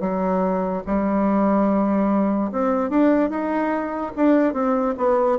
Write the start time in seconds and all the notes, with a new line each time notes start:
0.00 F#3
0.86 G3
2.51 C4
2.90 D4
3.30 D#4
4.16 D4
4.53 C4
4.97 B3